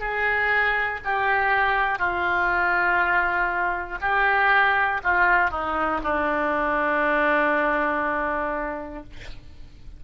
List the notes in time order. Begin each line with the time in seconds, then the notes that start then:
0.00 G#4
1.05 G4
1.99 F4
4.01 G4
5.04 F4
5.51 D#4
6.04 D4